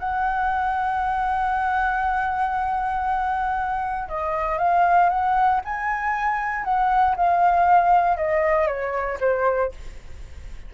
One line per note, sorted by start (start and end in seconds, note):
0.00 4.09 F#5
4.09 4.59 D#5
4.59 5.10 F5
5.10 5.61 F#5
5.65 6.65 G#5
6.65 7.16 F#5
7.17 8.17 F5
8.17 8.68 D#5
8.68 9.19 C#5
9.21 9.72 C5